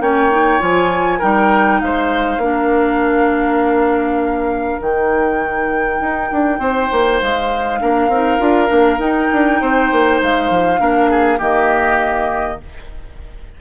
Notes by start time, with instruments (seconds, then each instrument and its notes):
0.00 bassoon A#3, clarinet C#4, oboe C#5, flute G5
0.31 clarinet D#4
0.59 bassoon F3, clarinet F4, flute G#5
1.19 bassoon G3, clarinet D#4, oboe A#4, flute G5
1.81 bassoon G#3, oboe C5, flute F5
2.38 bassoon A#3, clarinet D4, oboe A#4
4.81 bassoon D#3, clarinet D#4, flute G5
6.00 bassoon D#4
6.32 bassoon D4
6.59 bassoon C4, oboe C5
6.92 bassoon A#3
7.22 bassoon G#3, flute F5
7.80 bassoon A#3, clarinet D4, oboe A#4
8.09 bassoon C4, clarinet D#4
8.40 bassoon D4, clarinet F4
8.67 bassoon A#3, clarinet D4
8.99 bassoon D#4, clarinet D#4, flute G5
9.33 bassoon D4
9.61 bassoon C4, oboe C5
9.92 bassoon A#3
10.22 bassoon G#3, flute F5
10.50 bassoon F3
10.79 bassoon A#3, clarinet D4, oboe A#4
11.11 oboe G#4
11.39 bassoon D#3, clarinet A#3, oboe G4, flute D#5